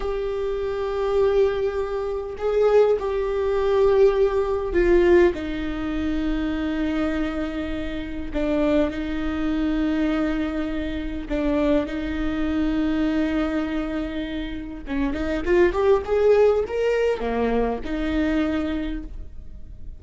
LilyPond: \new Staff \with { instrumentName = "viola" } { \time 4/4 \tempo 4 = 101 g'1 | gis'4 g'2. | f'4 dis'2.~ | dis'2 d'4 dis'4~ |
dis'2. d'4 | dis'1~ | dis'4 cis'8 dis'8 f'8 g'8 gis'4 | ais'4 ais4 dis'2 | }